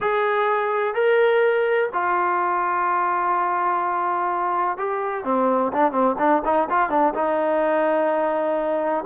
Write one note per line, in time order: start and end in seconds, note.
0.00 0.94 G#4
0.94 1.89 A#4
1.93 4.77 F4
4.77 5.24 G4
5.24 5.71 C4
5.73 5.92 D4
5.92 6.15 C4
6.18 6.42 D4
6.44 6.68 D#4
6.69 6.89 F4
6.89 7.13 D4
7.14 9.05 D#4